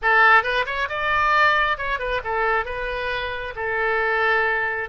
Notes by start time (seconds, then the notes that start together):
0.02 A4
0.43 B4
0.66 C#5
0.88 D5
1.77 C#5
1.99 B4
2.23 A4
2.65 B4
3.55 A4